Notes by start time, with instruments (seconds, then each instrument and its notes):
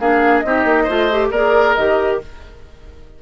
0.00 bassoon A#3, clarinet D4, oboe G#4, flute F5
0.40 bassoon C4, clarinet D#4, flute D#5
0.47 oboe G4
0.65 bassoon A#3
0.84 bassoon A3, clarinet F4, oboe C5
1.12 clarinet G4
1.31 bassoon A#3, clarinet G#4, oboe A#4, flute D5
1.75 bassoon D#3, clarinet G4, flute D#5